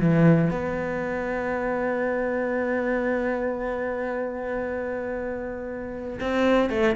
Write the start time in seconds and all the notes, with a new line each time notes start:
0.00 E3
0.51 B3
6.20 C4
6.70 A3